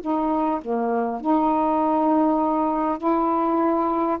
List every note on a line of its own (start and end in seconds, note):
0.00 0.60 D#4
0.61 1.21 A#3
1.21 2.98 D#4
2.98 4.18 E4